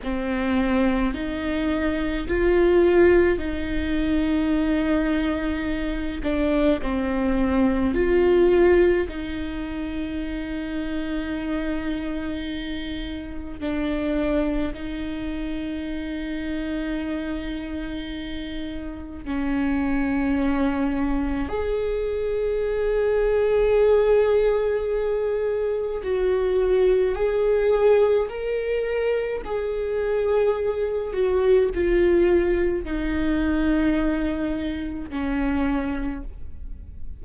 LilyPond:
\new Staff \with { instrumentName = "viola" } { \time 4/4 \tempo 4 = 53 c'4 dis'4 f'4 dis'4~ | dis'4. d'8 c'4 f'4 | dis'1 | d'4 dis'2.~ |
dis'4 cis'2 gis'4~ | gis'2. fis'4 | gis'4 ais'4 gis'4. fis'8 | f'4 dis'2 cis'4 | }